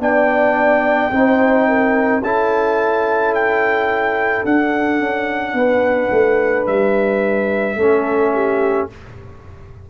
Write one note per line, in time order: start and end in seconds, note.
0.00 1.11 B3
0.00 1.11 D4
0.00 1.12 D5
0.00 2.24 G5
1.11 2.21 C4
1.11 2.22 D#4
1.11 1.69 C5
1.69 2.24 A#4
2.21 4.44 C#4
2.21 4.46 E4
2.21 5.57 A4
2.21 3.35 A5
3.35 4.46 G5
4.45 4.99 D4
4.45 7.79 D4
4.45 6.67 F#5
4.99 5.54 C#4
5.54 6.09 B3
5.54 7.78 B4
6.12 6.67 A3
6.67 7.76 G3
6.67 8.89 E5
7.76 8.87 A3
7.76 8.90 C#4
7.76 8.33 A4
8.35 8.90 G4